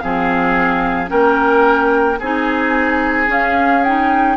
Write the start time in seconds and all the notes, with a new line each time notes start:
0.00 F3 C4 G#4 F5
1.07 A#3 C#4 A#4 G5
2.20 C4 D#4 G#4 G#5
3.28 C#4 F5
3.84 D#4 G5